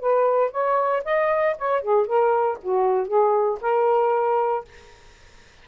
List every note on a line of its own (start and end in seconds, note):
0.00 0.51 B4
0.51 1.03 C#5
1.05 1.57 D#5
1.58 1.82 C#5
1.82 2.07 G#4
2.07 2.58 A#4
2.62 3.08 F#4
3.08 3.59 G#4
3.61 4.65 A#4